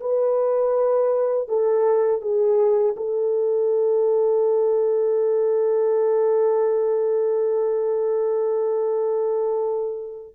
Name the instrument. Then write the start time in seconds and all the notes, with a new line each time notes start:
horn
0.00 B4
1.48 A4
2.21 G#4
2.96 A4